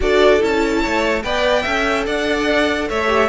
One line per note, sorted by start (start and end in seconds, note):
0.00 0.42 D4
0.00 0.39 F#4
0.00 0.81 A4
0.00 0.42 D5
0.39 0.84 C#4
0.39 1.22 E4
0.39 1.22 A5
0.81 1.23 A3
0.81 1.22 C#5
1.22 1.64 B3
1.22 1.65 B4
1.22 1.62 D5
1.22 2.05 G5
1.62 2.06 C#4
1.62 3.07 A4
1.62 2.03 E5
2.05 2.89 D4
2.05 2.88 D5
2.05 2.89 F#5
2.89 3.29 A3
2.89 3.29 C#5
2.89 3.29 E5
3.07 3.28 G4